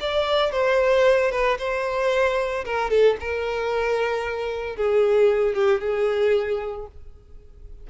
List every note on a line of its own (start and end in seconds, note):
0.00 0.52 D5
0.52 1.32 C5
1.32 1.58 B4
1.59 2.65 C5
2.65 2.90 A#4
2.90 3.17 A4
3.20 4.76 A#4
4.76 5.54 G#4
5.54 5.81 G4
5.81 6.87 G#4